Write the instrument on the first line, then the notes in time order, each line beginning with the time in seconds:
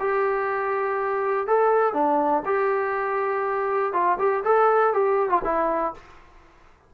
trombone
0.00 G4
1.47 A4
1.94 D4
2.46 G4
3.93 F4
4.19 G4
4.44 A4
4.94 G4
5.30 F4
5.45 E4